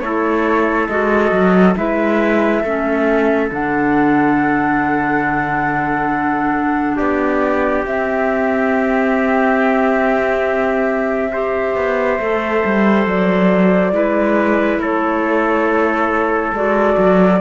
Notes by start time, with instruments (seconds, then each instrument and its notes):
0.00 cello A3, clarinet E4, trumpet A4, flute C#5
0.88 cello G#3, clarinet F#4, flute D#5
1.32 cello F#3
1.76 cello G#3, clarinet E4, trumpet B4, flute E5
2.61 cello A3, clarinet C#4, trumpet A4
3.50 cello D3, clarinet D4, flute F#5
6.96 cello B3, trumpet G4, flute D5
7.86 cello C4, clarinet C4, flute E5
11.32 clarinet G4, trumpet C5
11.75 cello B3
12.19 cello A3, clarinet A4
12.65 cello G3
13.06 cello F#3, flute D5
13.92 cello G#3, clarinet E4, trumpet B4
14.78 cello A3, trumpet A4, flute C#5
16.53 cello G#3, clarinet F#4, flute D5
16.98 cello F#3